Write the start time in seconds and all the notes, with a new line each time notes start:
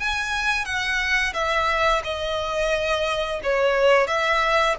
0.00 G#5
0.66 F#5
1.34 E5
2.05 D#5
3.44 C#5
4.08 E5